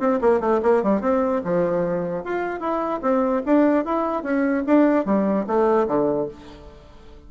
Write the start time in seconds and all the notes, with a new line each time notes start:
0.00 C4
0.22 A#3
0.41 A3
0.63 A#3
0.83 G3
1.02 C4
1.45 F3
2.25 F4
2.61 E4
3.02 C4
3.46 D4
3.85 E4
4.23 C#4
4.67 D4
5.06 G3
5.47 A3
5.88 D3